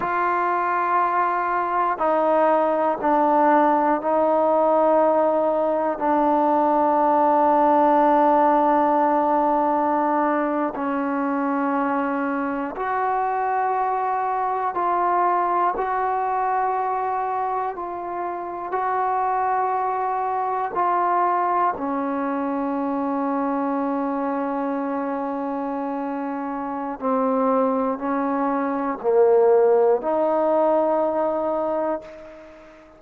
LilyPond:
\new Staff \with { instrumentName = "trombone" } { \time 4/4 \tempo 4 = 60 f'2 dis'4 d'4 | dis'2 d'2~ | d'2~ d'8. cis'4~ cis'16~ | cis'8. fis'2 f'4 fis'16~ |
fis'4.~ fis'16 f'4 fis'4~ fis'16~ | fis'8. f'4 cis'2~ cis'16~ | cis'2. c'4 | cis'4 ais4 dis'2 | }